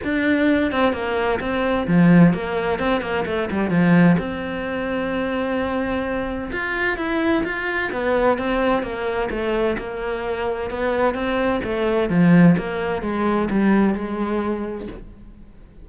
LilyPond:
\new Staff \with { instrumentName = "cello" } { \time 4/4 \tempo 4 = 129 d'4. c'8 ais4 c'4 | f4 ais4 c'8 ais8 a8 g8 | f4 c'2.~ | c'2 f'4 e'4 |
f'4 b4 c'4 ais4 | a4 ais2 b4 | c'4 a4 f4 ais4 | gis4 g4 gis2 | }